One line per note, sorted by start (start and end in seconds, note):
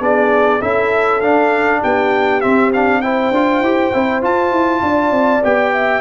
0.00 0.60 B3
0.00 0.60 D4
0.00 0.61 G#4
0.00 0.62 D5
0.61 1.22 C#4
0.61 1.22 E4
0.61 1.81 A4
0.61 1.21 E5
1.21 1.82 D4
1.21 2.42 D4
1.21 1.81 F5
1.81 2.44 B3
1.81 3.01 G4
1.81 2.41 G5
2.41 2.72 C4
2.41 3.31 C4
2.41 2.71 E5
2.73 3.03 D4
2.73 3.01 F5
3.01 3.33 E4
3.01 4.84 C5
3.01 4.21 G5
3.31 3.61 D4
3.31 3.64 F4
3.61 3.91 E4
3.61 3.93 G4
3.93 4.23 C4
3.93 4.22 E4
4.22 5.42 F4
4.22 4.52 F4
4.22 5.44 A5
4.52 4.82 E4
4.82 5.11 D4
4.82 5.74 D5
5.11 5.41 C4
5.44 6.01 B3
5.44 6.01 G4
5.44 6.01 G5
5.74 6.01 E5